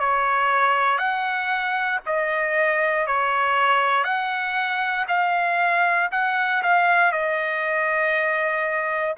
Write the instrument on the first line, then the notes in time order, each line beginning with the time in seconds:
trumpet
0.00 C#5
0.98 F#5
2.06 D#5
3.07 C#5
4.04 F#5
5.08 F5
6.12 F#5
6.63 F5
7.12 D#5